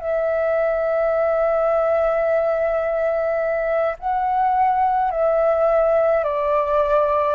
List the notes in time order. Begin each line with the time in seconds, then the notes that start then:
0.00 E5
3.99 F#5
5.11 E5
6.24 D5